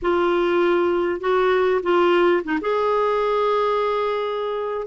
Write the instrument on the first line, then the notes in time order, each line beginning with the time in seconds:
clarinet
0.02 F4
1.20 F#4
1.82 F4
2.44 D#4
2.61 G#4